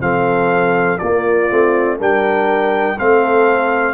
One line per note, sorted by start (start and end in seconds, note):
0.00 0.99 F3
0.00 0.98 C4
0.00 1.01 A4
0.00 0.99 F5
0.99 1.50 A#3
0.99 1.51 A#3
0.99 1.98 F4
0.99 1.97 D5
1.50 2.00 A3
1.50 1.99 C4
1.98 2.99 G3
1.98 2.97 D4
1.98 2.97 A#4
1.98 2.99 G5
2.98 3.95 A3
2.98 3.95 C4
2.98 3.95 A4
2.98 3.95 F5